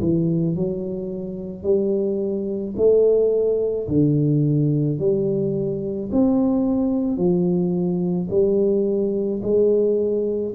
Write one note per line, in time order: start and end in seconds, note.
0.00 0.55 E3
0.55 1.63 F#3
1.63 2.74 G3
2.76 3.87 A3
3.87 4.98 D3
4.98 6.10 G3
6.12 7.17 C4
7.17 8.28 F3
8.30 9.41 G3
9.42 10.54 G#3